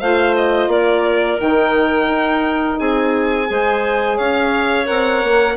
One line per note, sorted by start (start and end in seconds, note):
0.00 0.68 A3
0.00 1.38 F4
0.00 0.70 C5
0.00 0.35 F5
0.36 0.71 D#5
0.68 1.38 A#3
0.68 2.80 A#4
0.68 1.40 D5
1.38 2.08 D#3
1.38 3.46 D#4
1.38 2.79 G5
2.08 2.77 D#4
2.79 3.50 C4
2.79 3.49 G#4
2.79 4.18 G#5
3.46 4.19 G#3
3.46 4.85 G#4
3.46 4.17 C5
4.17 4.89 C#4
4.17 5.57 C#5
4.17 4.87 F5
4.85 5.24 C4
4.85 5.54 A#4
4.85 5.57 F#5
5.24 5.58 A#3